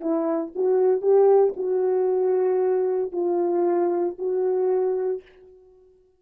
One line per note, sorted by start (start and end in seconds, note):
0.00 0.52 E4
0.55 1.02 F#4
1.02 1.53 G4
1.56 3.11 F#4
3.12 4.15 F4
4.18 5.22 F#4